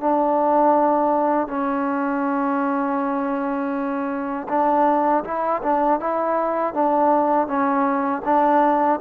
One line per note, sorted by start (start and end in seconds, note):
0.00 1.48 D4
1.48 4.48 C#4
4.49 5.24 D4
5.24 5.62 E4
5.62 6.00 D4
6.00 6.74 E4
6.74 7.47 D4
7.47 8.22 C#4
8.25 9.00 D4